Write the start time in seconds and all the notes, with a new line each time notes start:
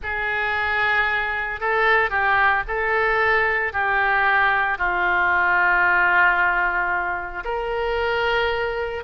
0.02 G#4
1.60 A4
2.09 G4
2.67 A4
3.72 G4
4.78 F4
7.44 A#4